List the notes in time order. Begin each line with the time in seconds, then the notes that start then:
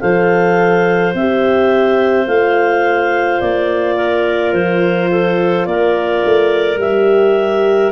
0.00 F3 A4 C5 F5
1.14 C4 G4 E5
2.26 A3 F4 F5
3.40 A#3 D5
3.96 A#4
4.53 F3 C5
5.10 A4
5.65 A#3 A#4 D5
6.24 A3
6.76 G3 G4 E5